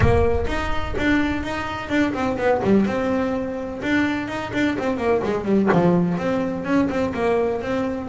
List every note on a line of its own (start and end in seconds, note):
0.00 0.45 A#3
0.47 0.94 D#4
0.98 1.43 D4
1.43 1.89 D#4
1.89 2.13 D4
2.13 2.37 C4
2.37 2.61 B3
2.63 2.85 G3
2.85 3.81 C4
3.82 4.28 D4
4.28 4.52 D#4
4.53 4.77 D4
4.78 4.97 C4
4.97 5.21 A#3
5.24 5.45 G#3
5.45 5.68 G3
5.72 6.17 F3
6.17 6.64 C4
6.64 6.88 C#4
6.89 7.13 C4
7.14 7.61 A#3
7.61 8.08 C4